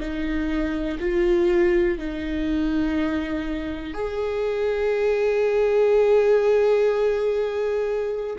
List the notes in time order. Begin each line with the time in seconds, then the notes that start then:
0.00 D#4
1.00 F4
1.98 D#4
3.94 G#4